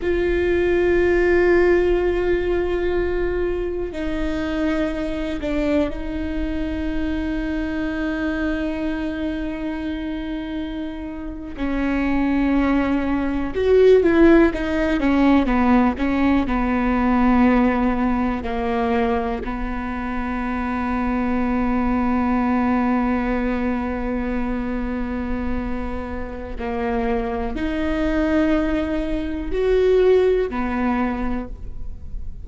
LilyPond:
\new Staff \with { instrumentName = "viola" } { \time 4/4 \tempo 4 = 61 f'1 | dis'4. d'8 dis'2~ | dis'2.~ dis'8. cis'16~ | cis'4.~ cis'16 fis'8 e'8 dis'8 cis'8 b16~ |
b16 cis'8 b2 ais4 b16~ | b1~ | b2. ais4 | dis'2 fis'4 b4 | }